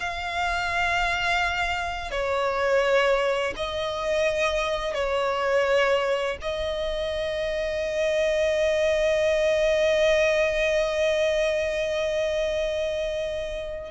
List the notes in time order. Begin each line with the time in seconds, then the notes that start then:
0.00 F5
2.11 C#5
3.56 D#5
4.94 C#5
6.42 D#5